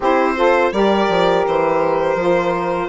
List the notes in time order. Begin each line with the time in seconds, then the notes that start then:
0.00 C4 E4 G4 C5
0.35 F4 A4
0.72 G3 G4 A#4 D5
1.09 F3
1.46 E3 C5
2.15 F3 F4